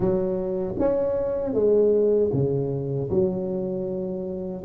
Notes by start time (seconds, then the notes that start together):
0.00 F#3
0.78 C#4
1.53 G#3
2.32 C#3
3.09 F#3